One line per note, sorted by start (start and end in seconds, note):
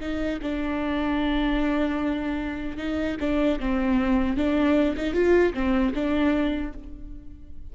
0.00 0.39 D#4
0.42 2.77 D4
2.77 3.17 D#4
3.20 3.60 D4
3.60 4.37 C4
4.37 4.96 D4
4.97 5.14 D#4
5.14 5.53 F4
5.54 5.93 C4
5.94 6.73 D4